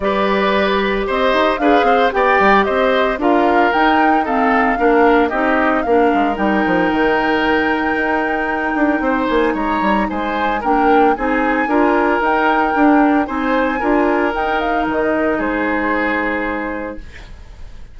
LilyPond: <<
  \new Staff \with { instrumentName = "flute" } { \time 4/4 \tempo 4 = 113 d''2 dis''4 f''4 | g''4 dis''4 f''4 g''4 | f''2 dis''4 f''4 | g''1~ |
g''4. gis''8 ais''4 gis''4 | g''4 gis''2 g''4~ | g''4 gis''2 g''8 f''8 | dis''4 c''2. | }
  \new Staff \with { instrumentName = "oboe" } { \time 4/4 b'2 c''4 b'8 c''8 | d''4 c''4 ais'2 | a'4 ais'4 g'4 ais'4~ | ais'1~ |
ais'4 c''4 cis''4 c''4 | ais'4 gis'4 ais'2~ | ais'4 c''4 ais'2~ | ais'4 gis'2. | }
  \new Staff \with { instrumentName = "clarinet" } { \time 4/4 g'2. gis'4 | g'2 f'4 dis'4 | c'4 d'4 dis'4 d'4 | dis'1~ |
dis'1 | d'4 dis'4 f'4 dis'4 | d'4 dis'4 f'4 dis'4~ | dis'1 | }
  \new Staff \with { instrumentName = "bassoon" } { \time 4/4 g2 c'8 dis'8 d'8 c'8 | b8 g8 c'4 d'4 dis'4~ | dis'4 ais4 c'4 ais8 gis8 | g8 f8 dis2 dis'4~ |
dis'8 d'8 c'8 ais8 gis8 g8 gis4 | ais4 c'4 d'4 dis'4 | d'4 c'4 d'4 dis'4 | dis4 gis2. | }
>>